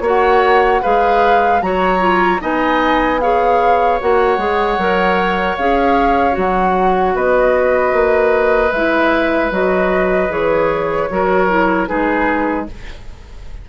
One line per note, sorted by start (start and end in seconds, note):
0.00 0.79 A#3
0.00 0.82 F#4
0.00 0.81 C#5
0.06 0.83 F#5
0.81 1.61 G#3
0.81 1.61 G#4
0.81 1.60 B4
0.81 1.61 F5
1.61 2.40 F#3
1.61 1.99 F#4
1.61 2.41 C#5
1.61 2.40 A#5
1.99 2.38 F4
2.40 4.00 B3
2.40 3.19 D#4
2.40 3.20 D#5
2.40 3.20 G#5
3.20 4.00 G#4
3.20 7.14 C#5
3.20 3.99 F5
4.00 4.37 A#3
4.00 4.38 F#4
4.00 5.57 F#5
4.37 4.76 G#3
4.37 4.77 G#4
4.77 5.56 F#3
4.77 5.57 A#4
5.57 6.37 C#4
5.57 6.31 G#4
5.57 6.36 F5
6.31 7.14 F#3
6.31 8.68 F#4
6.31 7.16 F#5
7.14 7.92 B3
7.14 11.09 B4
7.14 8.72 D#5
7.92 8.71 A#3
8.72 9.51 G#3
8.72 9.51 E4
8.72 9.50 E5
9.51 10.29 F#3
9.51 10.28 F#4
9.51 10.32 D#5
10.28 11.08 E3
10.28 11.07 G#4
10.28 11.87 C#5
11.09 11.89 F#3
11.09 11.49 F#4
11.09 11.88 A#4
11.49 11.87 E4
11.87 12.68 G#3
11.87 12.66 D#4
11.87 12.67 G#4
11.87 12.66 B4